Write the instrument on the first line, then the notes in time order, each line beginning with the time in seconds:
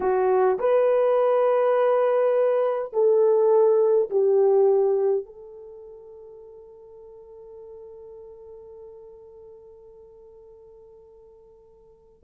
horn
0.00 F#4
0.59 B4
2.93 A4
4.10 G4
5.25 A4